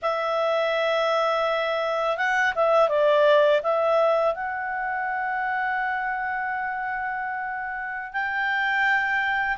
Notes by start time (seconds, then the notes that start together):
0.02 E5
2.17 F#5
2.55 E5
2.88 D5
3.62 E5
4.34 F#5
8.13 G5